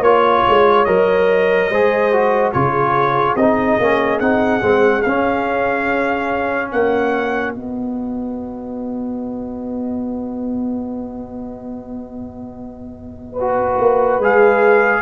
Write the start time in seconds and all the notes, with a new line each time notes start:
0.00 A#3 F4 C#5
0.48 G#3
0.85 F#3 A#4 D#5
1.70 G#3 G#4 C5
2.12 F#4
2.52 C#3 F4 G#4 C#5
3.35 C4 D#4 D#5
3.79 A#3 C#4
4.19 C4 D#4 F#5
4.61 G#3 C4
5.02 C#4 F5
6.69 A#3 F#4 F#5
7.52 B3 D#5
13.32 B4
13.40 F#4
13.78 A#3
14.18 G#3 G#4 F5